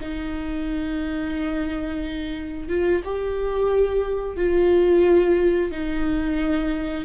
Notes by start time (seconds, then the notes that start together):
0.00 D#4
2.68 F4
3.04 G4
4.36 F4
5.71 D#4